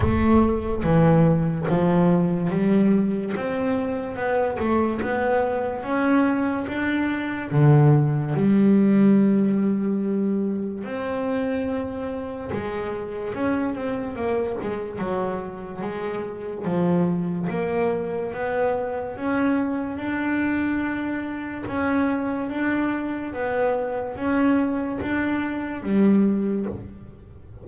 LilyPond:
\new Staff \with { instrumentName = "double bass" } { \time 4/4 \tempo 4 = 72 a4 e4 f4 g4 | c'4 b8 a8 b4 cis'4 | d'4 d4 g2~ | g4 c'2 gis4 |
cis'8 c'8 ais8 gis8 fis4 gis4 | f4 ais4 b4 cis'4 | d'2 cis'4 d'4 | b4 cis'4 d'4 g4 | }